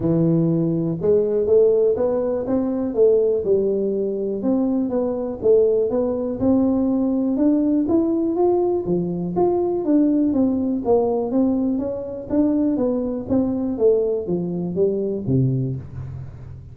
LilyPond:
\new Staff \with { instrumentName = "tuba" } { \time 4/4 \tempo 4 = 122 e2 gis4 a4 | b4 c'4 a4 g4~ | g4 c'4 b4 a4 | b4 c'2 d'4 |
e'4 f'4 f4 f'4 | d'4 c'4 ais4 c'4 | cis'4 d'4 b4 c'4 | a4 f4 g4 c4 | }